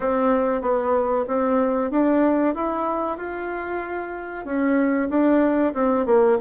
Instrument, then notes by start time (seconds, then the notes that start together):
bassoon
0.00 C4
0.61 B3
1.27 C4
1.90 D4
2.54 E4
3.17 F4
4.45 C#4
5.09 D4
5.74 C4
6.06 A#3